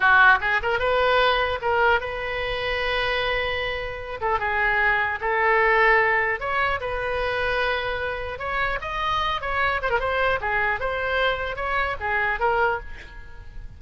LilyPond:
\new Staff \with { instrumentName = "oboe" } { \time 4/4 \tempo 4 = 150 fis'4 gis'8 ais'8 b'2 | ais'4 b'2.~ | b'2~ b'8 a'8 gis'4~ | gis'4 a'2. |
cis''4 b'2.~ | b'4 cis''4 dis''4. cis''8~ | cis''8 c''16 ais'16 c''4 gis'4 c''4~ | c''4 cis''4 gis'4 ais'4 | }